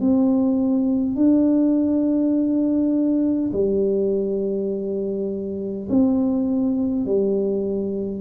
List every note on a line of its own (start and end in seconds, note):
0.00 1.16 C4
1.16 3.51 D4
3.53 5.88 G3
5.90 7.05 C4
7.05 8.21 G3